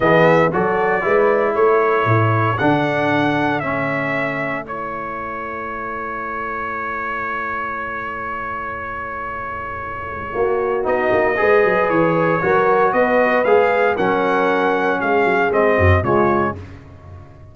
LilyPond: <<
  \new Staff \with { instrumentName = "trumpet" } { \time 4/4 \tempo 4 = 116 e''4 d''2 cis''4~ | cis''4 fis''2 e''4~ | e''4 cis''2.~ | cis''1~ |
cis''1~ | cis''4 dis''2 cis''4~ | cis''4 dis''4 f''4 fis''4~ | fis''4 f''4 dis''4 cis''4 | }
  \new Staff \with { instrumentName = "horn" } { \time 4/4 gis'4 a'4 b'4 a'4~ | a'1~ | a'1~ | a'1~ |
a'1 | fis'2 b'2 | ais'4 b'2 ais'4~ | ais'4 gis'4. fis'8 f'4 | }
  \new Staff \with { instrumentName = "trombone" } { \time 4/4 b4 fis'4 e'2~ | e'4 d'2 cis'4~ | cis'4 e'2.~ | e'1~ |
e'1~ | e'4 dis'4 gis'2 | fis'2 gis'4 cis'4~ | cis'2 c'4 gis4 | }
  \new Staff \with { instrumentName = "tuba" } { \time 4/4 e4 fis4 gis4 a4 | a,4 d2 a4~ | a1~ | a1~ |
a1 | ais4 b8 ais8 gis8 fis8 e4 | fis4 b4 gis4 fis4~ | fis4 gis8 fis8 gis8 fis,8 cis4 | }
>>